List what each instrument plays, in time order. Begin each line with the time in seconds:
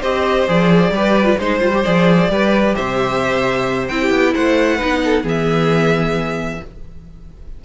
0.00 cello C4, viola G4, violin C5 D#5
0.48 cello F3, viola G#4, violin D5
0.90 cello G3, viola G4, violin B4
1.24 viola F4
1.38 cello G#3, viola D#4, violin C5
1.60 cello G3, viola F4
1.73 viola G4
1.84 cello F3, viola G#4, violin D5
2.29 cello G3, viola G4, violin B4
2.75 cello C3, violin C5 E5
3.88 cello C4, viola E4, violin G5
4.01 violin G4
4.10 cello B3
4.34 cello A3, violin C5 F#5
4.76 cello B3, viola D#4, violin B4
5.05 violin A4
5.23 cello E3, viola B3, violin G#4 E5